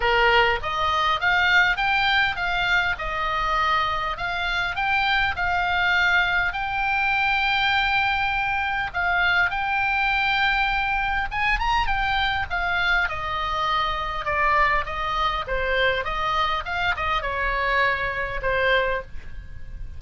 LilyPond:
\new Staff \with { instrumentName = "oboe" } { \time 4/4 \tempo 4 = 101 ais'4 dis''4 f''4 g''4 | f''4 dis''2 f''4 | g''4 f''2 g''4~ | g''2. f''4 |
g''2. gis''8 ais''8 | g''4 f''4 dis''2 | d''4 dis''4 c''4 dis''4 | f''8 dis''8 cis''2 c''4 | }